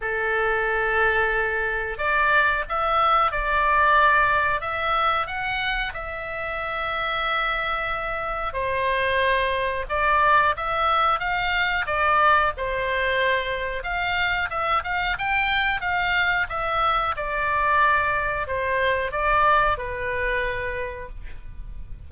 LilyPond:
\new Staff \with { instrumentName = "oboe" } { \time 4/4 \tempo 4 = 91 a'2. d''4 | e''4 d''2 e''4 | fis''4 e''2.~ | e''4 c''2 d''4 |
e''4 f''4 d''4 c''4~ | c''4 f''4 e''8 f''8 g''4 | f''4 e''4 d''2 | c''4 d''4 b'2 | }